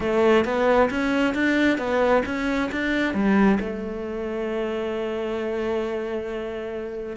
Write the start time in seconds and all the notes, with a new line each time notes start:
0.00 A3
0.45 B3
0.90 C#4
1.34 D4
1.77 B3
2.25 C#4
2.71 D4
3.14 G3
3.60 A3